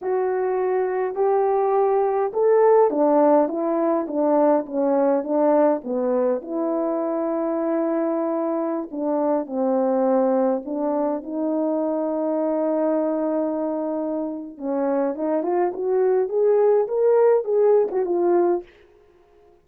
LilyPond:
\new Staff \with { instrumentName = "horn" } { \time 4/4 \tempo 4 = 103 fis'2 g'2 | a'4 d'4 e'4 d'4 | cis'4 d'4 b4 e'4~ | e'2.~ e'16 d'8.~ |
d'16 c'2 d'4 dis'8.~ | dis'1~ | dis'4 cis'4 dis'8 f'8 fis'4 | gis'4 ais'4 gis'8. fis'16 f'4 | }